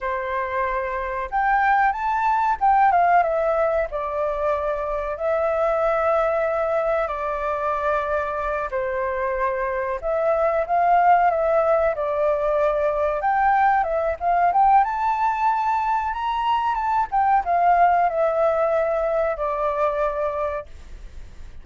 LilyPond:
\new Staff \with { instrumentName = "flute" } { \time 4/4 \tempo 4 = 93 c''2 g''4 a''4 | g''8 f''8 e''4 d''2 | e''2. d''4~ | d''4. c''2 e''8~ |
e''8 f''4 e''4 d''4.~ | d''8 g''4 e''8 f''8 g''8 a''4~ | a''4 ais''4 a''8 g''8 f''4 | e''2 d''2 | }